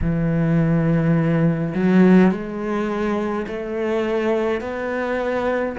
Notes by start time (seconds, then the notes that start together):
0.01 E3
1.74 F#3
2.31 G#3
3.47 A3
4.60 B3